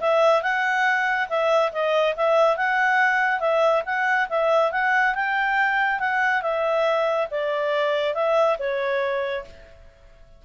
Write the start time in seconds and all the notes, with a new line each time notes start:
0.00 E5
0.42 F#5
1.29 E5
1.72 D#5
2.16 E5
2.57 F#5
3.40 E5
3.85 F#5
4.29 E5
4.72 F#5
5.14 G5
5.99 F#5
6.42 E5
7.31 D5
8.14 E5
8.59 C#5